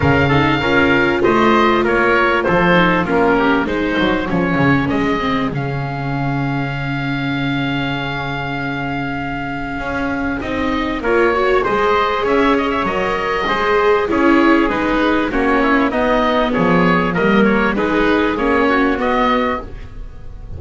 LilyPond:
<<
  \new Staff \with { instrumentName = "oboe" } { \time 4/4 \tempo 4 = 98 f''2 dis''4 cis''4 | c''4 ais'4 c''4 cis''4 | dis''4 f''2.~ | f''1~ |
f''4 dis''4 cis''4 dis''4 | e''8 dis''16 e''16 dis''2 cis''4 | b'4 cis''4 dis''4 cis''4 | dis''8 cis''8 b'4 cis''4 dis''4 | }
  \new Staff \with { instrumentName = "trumpet" } { \time 4/4 ais'8 a'8 ais'4 c''4 ais'4 | a'4 f'8 g'8 gis'2~ | gis'1~ | gis'1~ |
gis'2 ais'8 cis''8 c''4 | cis''2 c''4 gis'4~ | gis'4 fis'8 e'8 dis'4 gis'4 | ais'4 gis'4. fis'4. | }
  \new Staff \with { instrumentName = "viola" } { \time 4/4 cis'8 dis'8 f'2.~ | f'8 dis'8 cis'4 dis'4 cis'4~ | cis'8 c'8 cis'2.~ | cis'1~ |
cis'4 dis'4 f'8 fis'8 gis'4~ | gis'4 ais'4 gis'4 e'4 | dis'4 cis'4 b2 | ais4 dis'4 cis'4 b4 | }
  \new Staff \with { instrumentName = "double bass" } { \time 4/4 cis4 cis'4 a4 ais4 | f4 ais4 gis8 fis8 f8 cis8 | gis4 cis2.~ | cis1 |
cis'4 c'4 ais4 gis4 | cis'4 fis4 gis4 cis'4 | gis4 ais4 b4 f4 | g4 gis4 ais4 b4 | }
>>